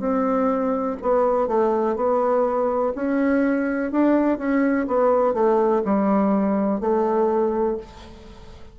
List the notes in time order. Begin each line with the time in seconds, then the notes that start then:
0.00 C4
1.02 B3
1.48 A3
1.96 B3
2.95 C#4
3.91 D4
4.38 C#4
4.88 B3
5.34 A3
5.85 G3
6.80 A3